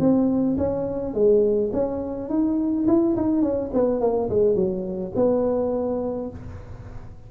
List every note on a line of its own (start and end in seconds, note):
0.00 0.57 C4
0.58 1.14 C#4
1.14 1.71 G#3
1.73 2.30 C#4
2.30 2.87 D#4
2.88 3.16 E4
3.17 3.42 D#4
3.42 3.71 C#4
3.74 4.01 B3
4.01 4.29 A#3
4.30 4.56 G#3
4.56 5.13 F#3
5.16 6.30 B3